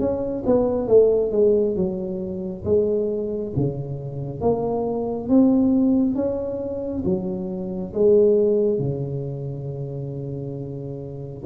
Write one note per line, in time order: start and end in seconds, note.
0.00 0.44 C#4
0.46 0.88 B3
0.88 1.32 A3
1.32 1.76 G#3
1.76 2.64 F#3
2.65 3.53 G#3
3.57 4.41 C#3
4.41 5.29 A#3
5.29 6.15 C4
6.15 7.03 C#4
7.05 7.94 F#3
7.94 8.79 G#3
8.79 11.44 C#3